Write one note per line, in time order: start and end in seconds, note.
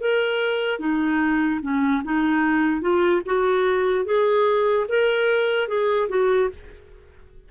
0.00 0.79 A#4
0.79 1.60 D#4
1.62 2.02 C#4
2.04 2.81 D#4
2.81 3.21 F4
3.25 4.05 F#4
4.05 4.86 G#4
4.88 5.68 A#4
5.68 6.08 G#4
6.08 6.49 F#4